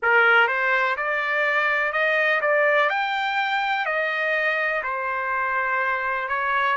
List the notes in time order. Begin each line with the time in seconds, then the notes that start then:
0.02 A#4
0.47 C5
0.96 D5
1.92 D#5
2.41 D5
2.89 G5
3.85 D#5
4.83 C5
6.28 C#5